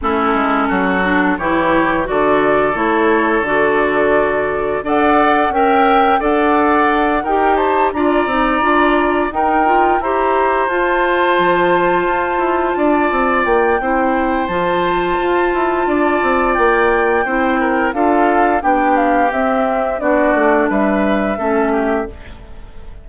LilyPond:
<<
  \new Staff \with { instrumentName = "flute" } { \time 4/4 \tempo 4 = 87 a'2 cis''4 d''4 | cis''4 d''2 fis''4 | g''4 fis''4. g''8 a''8 ais''8~ | ais''4. g''4 ais''4 a''8~ |
a''2.~ a''8 g''8~ | g''4 a''2. | g''2 f''4 g''8 f''8 | e''4 d''4 e''2 | }
  \new Staff \with { instrumentName = "oboe" } { \time 4/4 e'4 fis'4 g'4 a'4~ | a'2. d''4 | e''4 d''4. ais'8 c''8 d''8~ | d''4. ais'4 c''4.~ |
c''2~ c''8 d''4. | c''2. d''4~ | d''4 c''8 ais'8 a'4 g'4~ | g'4 fis'4 b'4 a'8 g'8 | }
  \new Staff \with { instrumentName = "clarinet" } { \time 4/4 cis'4. d'8 e'4 fis'4 | e'4 fis'2 a'4 | ais'4 a'4. g'4 f'8 | dis'8 f'4 dis'8 f'8 g'4 f'8~ |
f'1 | e'4 f'2.~ | f'4 e'4 f'4 d'4 | c'4 d'2 cis'4 | }
  \new Staff \with { instrumentName = "bassoon" } { \time 4/4 a8 gis8 fis4 e4 d4 | a4 d2 d'4 | cis'4 d'4. dis'4 d'8 | c'8 d'4 dis'4 e'4 f'8~ |
f'8 f4 f'8 e'8 d'8 c'8 ais8 | c'4 f4 f'8 e'8 d'8 c'8 | ais4 c'4 d'4 b4 | c'4 b8 a8 g4 a4 | }
>>